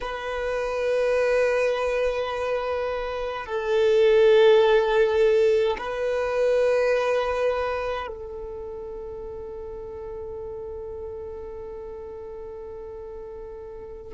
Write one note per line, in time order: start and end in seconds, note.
0.00 3.46 B4
3.46 5.76 A4
5.77 8.07 B4
8.07 14.13 A4